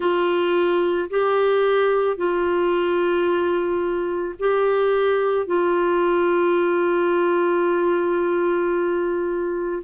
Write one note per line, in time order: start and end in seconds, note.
0.00 1.09 F4
1.10 2.16 G4
2.16 4.34 F4
4.39 5.46 G4
5.46 9.82 F4